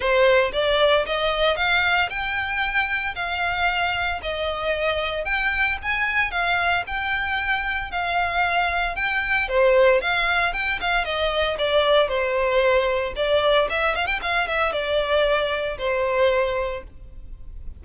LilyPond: \new Staff \with { instrumentName = "violin" } { \time 4/4 \tempo 4 = 114 c''4 d''4 dis''4 f''4 | g''2 f''2 | dis''2 g''4 gis''4 | f''4 g''2 f''4~ |
f''4 g''4 c''4 f''4 | g''8 f''8 dis''4 d''4 c''4~ | c''4 d''4 e''8 f''16 g''16 f''8 e''8 | d''2 c''2 | }